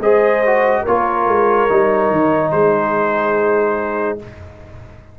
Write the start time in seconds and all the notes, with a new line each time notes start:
0.00 G#3 G#4 C5 D#5
0.46 F#4
0.82 A#3 F4 A#4 C#5
1.28 G#3
1.69 G3 D#4
2.11 D#3
2.52 G#3 G#4 C5